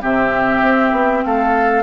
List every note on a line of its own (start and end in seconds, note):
0.00 0.61 C3
0.00 1.83 C4
0.00 1.24 G4
0.00 1.24 E5
0.61 0.92 C4
0.92 1.22 B3
1.24 1.83 A3
1.24 1.83 A4
1.24 1.83 F5